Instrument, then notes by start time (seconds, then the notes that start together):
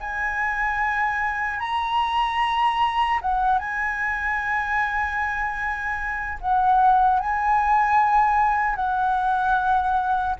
flute
0.00 G#5
1.60 A#5
3.21 F#5
3.58 G#5
6.41 F#5
7.20 G#5
8.75 F#5